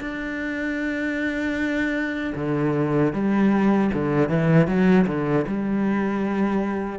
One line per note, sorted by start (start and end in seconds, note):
0.00 2.34 D4
2.35 3.13 D3
3.13 3.91 G3
3.94 4.29 D3
4.29 4.68 E3
4.68 5.06 F#3
5.07 5.46 D3
5.48 6.99 G3